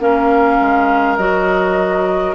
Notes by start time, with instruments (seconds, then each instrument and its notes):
0.00 bassoon A#3, clarinet C#4, oboe A#4, flute F5
0.61 bassoon G#3
1.17 bassoon F#3, clarinet F#4, flute D#5